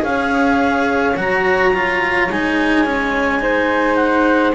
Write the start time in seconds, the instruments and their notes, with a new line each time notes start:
0.00 double bass C#4, cello G#4, flute C#5, clarinet F5
1.16 double bass F#3, cello F#4, clarinet A#5
1.73 cello F4
2.29 double bass G#3, cello D#4, clarinet G#5
2.85 cello C#4
3.40 cello D#4, flute C5
3.95 clarinet F#5